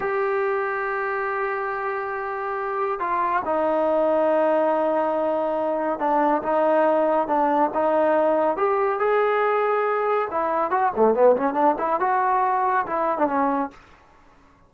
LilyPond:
\new Staff \with { instrumentName = "trombone" } { \time 4/4 \tempo 4 = 140 g'1~ | g'2. f'4 | dis'1~ | dis'2 d'4 dis'4~ |
dis'4 d'4 dis'2 | g'4 gis'2. | e'4 fis'8 a8 b8 cis'8 d'8 e'8 | fis'2 e'8. d'16 cis'4 | }